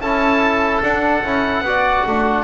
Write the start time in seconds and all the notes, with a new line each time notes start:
0.00 C#4 E4 A4 A5
0.82 D4 F#5
1.23 C#4 E4
1.61 B3 F#4 D5
2.06 A3 D4